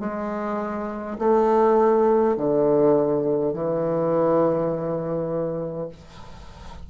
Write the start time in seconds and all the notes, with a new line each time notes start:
0.00 G#3
1.19 A3
2.37 D3
3.53 E3